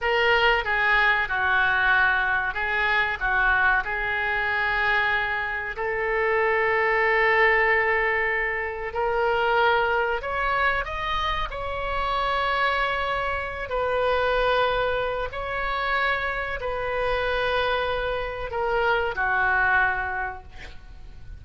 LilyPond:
\new Staff \with { instrumentName = "oboe" } { \time 4/4 \tempo 4 = 94 ais'4 gis'4 fis'2 | gis'4 fis'4 gis'2~ | gis'4 a'2.~ | a'2 ais'2 |
cis''4 dis''4 cis''2~ | cis''4. b'2~ b'8 | cis''2 b'2~ | b'4 ais'4 fis'2 | }